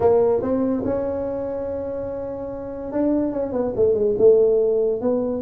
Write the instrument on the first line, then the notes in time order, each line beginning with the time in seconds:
tuba
0.00 A#3
0.42 C4
0.85 C#4
2.92 D4
3.32 C#4
3.52 B3
3.76 A3
3.94 G#3
4.18 A3
5.01 B3